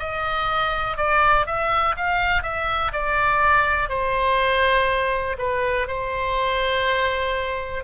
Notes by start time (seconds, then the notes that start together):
0.00 D#5
0.97 D5
1.46 E5
1.97 F5
2.43 E5
2.93 D5
3.89 C5
5.38 B4
5.87 C5